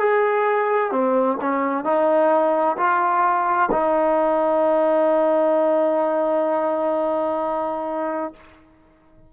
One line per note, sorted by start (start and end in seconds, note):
0.00 0.92 G#4
0.92 1.38 C4
1.41 1.85 C#4
1.85 2.77 D#4
2.78 3.70 F4
3.72 8.33 D#4